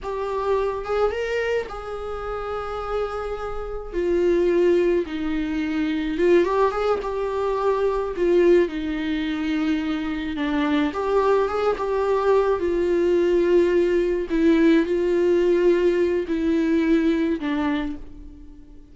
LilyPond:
\new Staff \with { instrumentName = "viola" } { \time 4/4 \tempo 4 = 107 g'4. gis'8 ais'4 gis'4~ | gis'2. f'4~ | f'4 dis'2 f'8 g'8 | gis'8 g'2 f'4 dis'8~ |
dis'2~ dis'8 d'4 g'8~ | g'8 gis'8 g'4. f'4.~ | f'4. e'4 f'4.~ | f'4 e'2 d'4 | }